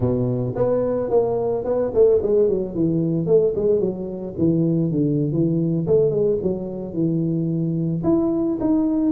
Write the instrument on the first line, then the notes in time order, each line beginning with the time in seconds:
tuba
0.00 B2
0.55 B3
1.10 A#3
1.64 B3
1.94 A3
2.22 G#3
2.48 F#3
2.74 E3
3.26 A3
3.55 G#3
3.80 F#3
4.38 E3
4.91 D3
5.32 E3
5.87 A3
6.10 G#3
6.42 F#3
6.93 E3
8.03 E4
8.60 D#4